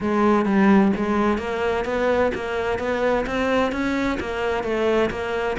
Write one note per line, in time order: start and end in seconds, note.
0.00 0.45 G#3
0.45 0.92 G3
0.96 1.38 G#3
1.38 1.84 A#3
1.85 2.31 B3
2.34 2.78 A#3
2.78 3.25 B3
3.26 3.71 C4
3.71 4.18 C#4
4.20 4.63 A#3
4.63 5.10 A3
5.10 5.57 A#3